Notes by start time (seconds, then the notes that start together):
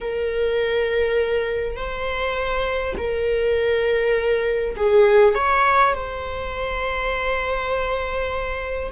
0.01 A#4
1.76 C5
2.97 A#4
4.76 G#4
5.35 C#5
5.94 C5